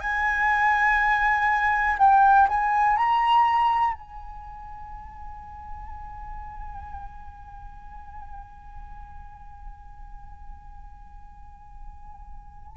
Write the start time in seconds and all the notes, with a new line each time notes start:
0.00 G#5
1.99 G5
2.48 G#5
2.96 A#5
3.94 G#5